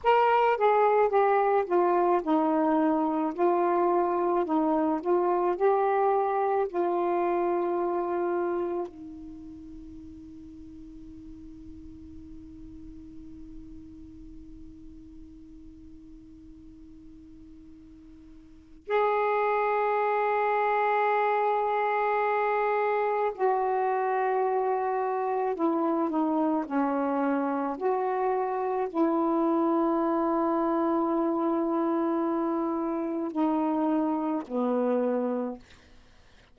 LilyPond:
\new Staff \with { instrumentName = "saxophone" } { \time 4/4 \tempo 4 = 54 ais'8 gis'8 g'8 f'8 dis'4 f'4 | dis'8 f'8 g'4 f'2 | dis'1~ | dis'1~ |
dis'4 gis'2.~ | gis'4 fis'2 e'8 dis'8 | cis'4 fis'4 e'2~ | e'2 dis'4 b4 | }